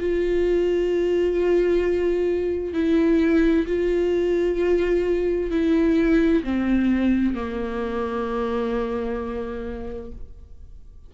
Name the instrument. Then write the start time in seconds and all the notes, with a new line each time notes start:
viola
0.00 F4
2.74 E4
3.67 F4
5.51 E4
6.44 C4
7.35 A#3